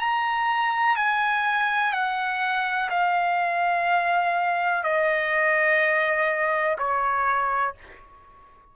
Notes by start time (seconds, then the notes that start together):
0.00 A#5
0.97 G#5
1.93 F#5
2.90 F5
4.84 D#5
6.78 C#5